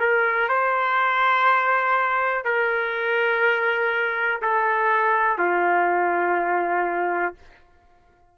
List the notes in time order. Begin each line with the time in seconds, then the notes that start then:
0.00 A#4
0.49 C5
2.45 A#4
4.42 A4
5.39 F4